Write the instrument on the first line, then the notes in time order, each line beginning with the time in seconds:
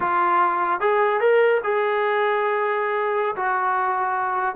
trombone
0.00 F4
0.80 G#4
1.20 A#4
1.63 G#4
3.36 F#4